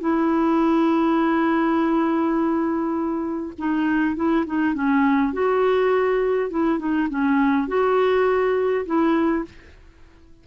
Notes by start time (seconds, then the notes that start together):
0.00 E4
3.58 D#4
4.16 E4
4.46 D#4
4.74 C#4
5.33 F#4
6.50 E4
6.79 D#4
7.09 C#4
7.67 F#4
8.86 E4